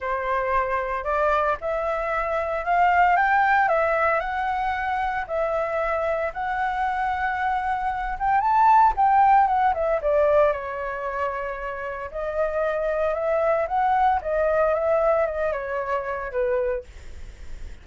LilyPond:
\new Staff \with { instrumentName = "flute" } { \time 4/4 \tempo 4 = 114 c''2 d''4 e''4~ | e''4 f''4 g''4 e''4 | fis''2 e''2 | fis''2.~ fis''8 g''8 |
a''4 g''4 fis''8 e''8 d''4 | cis''2. dis''4~ | dis''4 e''4 fis''4 dis''4 | e''4 dis''8 cis''4. b'4 | }